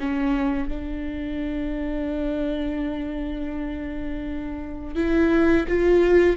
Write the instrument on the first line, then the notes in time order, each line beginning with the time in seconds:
viola
0.00 C#4
0.69 D4
4.96 E4
5.69 F4